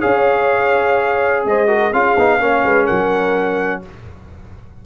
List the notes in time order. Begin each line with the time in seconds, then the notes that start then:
0.00 C#4 G#4 C#5 F5
1.45 G#3 C5 D#5
1.67 F#4 A#4
1.93 C#4 F4 G#4 F5
2.17 B3 D#4
2.39 A#3 C#4 C#5
2.64 G#3 B4
2.86 F#3 A#4 F#5